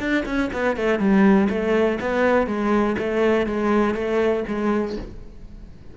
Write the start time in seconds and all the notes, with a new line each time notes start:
0.00 D4
0.26 C#4
0.53 B3
0.77 A3
1.00 G3
1.50 A3
2.01 B3
2.47 G#3
2.99 A3
3.47 G#3
3.95 A3
4.48 G#3